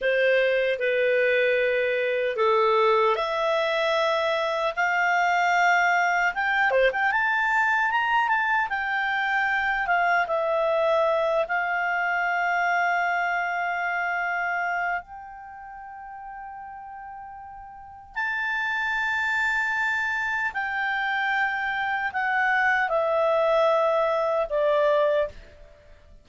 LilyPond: \new Staff \with { instrumentName = "clarinet" } { \time 4/4 \tempo 4 = 76 c''4 b'2 a'4 | e''2 f''2 | g''8 c''16 g''16 a''4 ais''8 a''8 g''4~ | g''8 f''8 e''4. f''4.~ |
f''2. g''4~ | g''2. a''4~ | a''2 g''2 | fis''4 e''2 d''4 | }